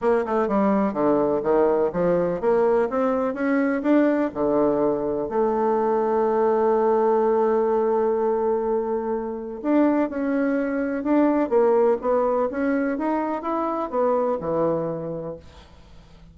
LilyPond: \new Staff \with { instrumentName = "bassoon" } { \time 4/4 \tempo 4 = 125 ais8 a8 g4 d4 dis4 | f4 ais4 c'4 cis'4 | d'4 d2 a4~ | a1~ |
a1 | d'4 cis'2 d'4 | ais4 b4 cis'4 dis'4 | e'4 b4 e2 | }